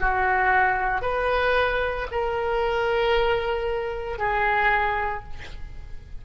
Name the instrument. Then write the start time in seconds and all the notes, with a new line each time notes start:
oboe
0.00 F#4
1.02 B4
2.11 A#4
4.19 G#4